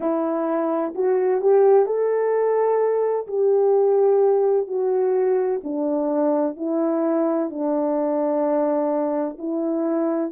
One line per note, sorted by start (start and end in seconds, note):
0.00 0.94 E4
0.95 1.41 F#4
1.41 1.86 G4
1.86 3.26 A4
3.27 4.67 G4
4.67 5.60 F#4
5.63 6.56 D4
6.56 7.50 E4
7.50 9.37 D4
9.38 10.31 E4